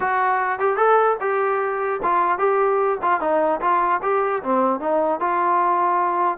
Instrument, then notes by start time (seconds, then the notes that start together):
trombone
0.00 F#4
0.59 G4
0.76 A4
1.20 G4
2.03 F4
2.38 G4
3.02 F4
3.20 D#4
3.60 F4
4.02 G4
4.42 C4
4.80 D#4
5.19 F4